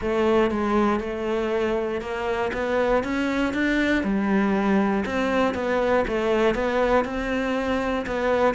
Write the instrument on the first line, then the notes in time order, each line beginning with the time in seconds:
cello
0.01 A3
0.50 G#3
1.00 A3
2.01 A#3
2.53 B3
3.03 C#4
3.53 D4
4.03 G3
5.05 C4
5.54 B3
6.07 A3
6.54 B3
7.05 C4
8.06 B3